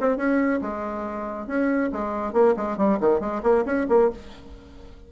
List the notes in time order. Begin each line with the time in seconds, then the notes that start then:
0.00 C4
0.17 C#4
0.61 G#3
1.47 C#4
1.92 G#3
2.33 A#3
2.56 G#3
2.77 G3
3.00 D#3
3.20 G#3
3.43 A#3
3.65 C#4
3.89 A#3